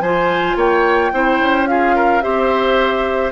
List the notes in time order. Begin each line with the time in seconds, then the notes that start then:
0.00 F3 F4 C5 G#5
0.56 A#3 C#5 G5
1.12 C4 E4 C5
1.39 C#4
1.66 F4 G#4 F5
1.95 A#4
2.21 C4 G4 C5 E5